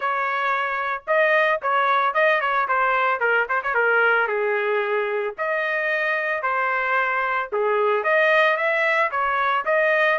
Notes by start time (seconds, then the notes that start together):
0.00 C#5
1.07 D#5
1.62 C#5
2.14 D#5
2.40 C#5
2.68 C5
3.20 A#4
3.48 C5
3.63 C#5
3.74 A#4
4.27 G#4
5.38 D#5
6.42 C5
7.52 G#4
8.03 D#5
8.57 E5
9.11 C#5
9.65 D#5